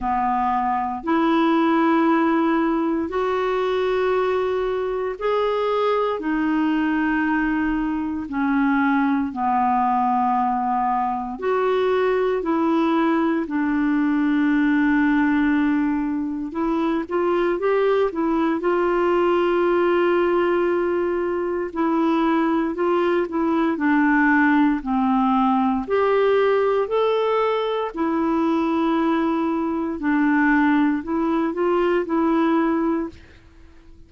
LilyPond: \new Staff \with { instrumentName = "clarinet" } { \time 4/4 \tempo 4 = 58 b4 e'2 fis'4~ | fis'4 gis'4 dis'2 | cis'4 b2 fis'4 | e'4 d'2. |
e'8 f'8 g'8 e'8 f'2~ | f'4 e'4 f'8 e'8 d'4 | c'4 g'4 a'4 e'4~ | e'4 d'4 e'8 f'8 e'4 | }